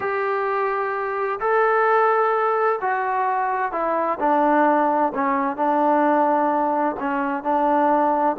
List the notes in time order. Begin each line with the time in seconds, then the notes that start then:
0.00 G4
1.40 A4
2.81 F#4
3.71 E4
4.19 D4
5.14 C#4
5.56 D4
6.99 C#4
7.43 D4